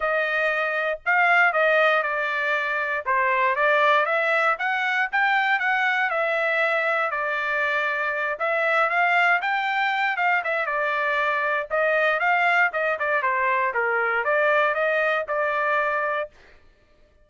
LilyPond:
\new Staff \with { instrumentName = "trumpet" } { \time 4/4 \tempo 4 = 118 dis''2 f''4 dis''4 | d''2 c''4 d''4 | e''4 fis''4 g''4 fis''4 | e''2 d''2~ |
d''8 e''4 f''4 g''4. | f''8 e''8 d''2 dis''4 | f''4 dis''8 d''8 c''4 ais'4 | d''4 dis''4 d''2 | }